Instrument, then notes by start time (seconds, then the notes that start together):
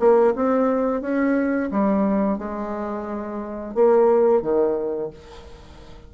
bassoon
0.00 A#3
0.36 C4
1.02 C#4
1.72 G3
2.39 G#3
3.75 A#3
4.42 D#3